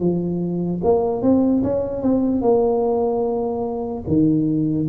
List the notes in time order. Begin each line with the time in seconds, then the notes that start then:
0.00 F3
0.84 A#3
1.22 C4
1.63 C#4
2.02 C4
2.41 A#3
4.07 D#3